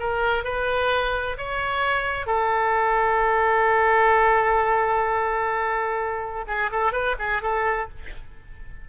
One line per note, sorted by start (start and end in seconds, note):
0.00 0.44 A#4
0.44 1.37 B4
1.38 2.27 C#5
2.27 6.46 A4
6.48 6.71 G#4
6.72 6.93 A4
6.93 7.16 B4
7.19 7.42 G#4
7.43 7.89 A4